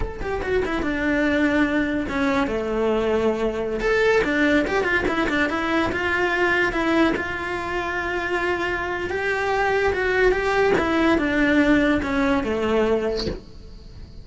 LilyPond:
\new Staff \with { instrumentName = "cello" } { \time 4/4 \tempo 4 = 145 a'8 g'8 fis'8 e'8 d'2~ | d'4 cis'4 a2~ | a4~ a16 a'4 d'4 g'8 f'16~ | f'16 e'8 d'8 e'4 f'4.~ f'16~ |
f'16 e'4 f'2~ f'8.~ | f'2 g'2 | fis'4 g'4 e'4 d'4~ | d'4 cis'4 a2 | }